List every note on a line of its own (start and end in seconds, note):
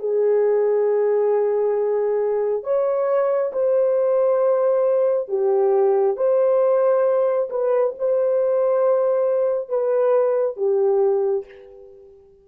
0.00 2.64 G#4
2.64 3.52 C#5
3.53 5.29 C5
5.29 6.17 G4
6.17 7.50 C5
7.50 7.95 B4
7.99 9.70 C5
9.70 10.57 B4
10.57 11.45 G4